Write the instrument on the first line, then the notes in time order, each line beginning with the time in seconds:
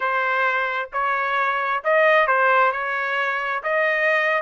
trumpet
0.00 C5
0.92 C#5
1.84 D#5
2.27 C5
2.71 C#5
3.63 D#5